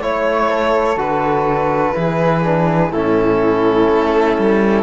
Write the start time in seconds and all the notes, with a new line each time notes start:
0.00 A3 E4 C#5
0.50 A4
0.96 D3 F#4 B4
1.93 E3 E4 G#4
2.43 D4
2.91 A2 C#4 E4 A4
3.89 A3
4.38 G3